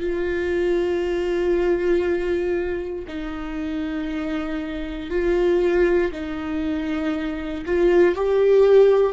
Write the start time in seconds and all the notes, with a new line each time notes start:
0.00 F4
3.08 D#4
5.10 F4
6.12 D#4
7.66 F4
8.15 G4